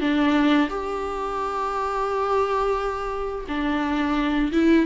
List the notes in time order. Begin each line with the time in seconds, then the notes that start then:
0.00 D4
0.70 G4
3.48 D4
4.52 E4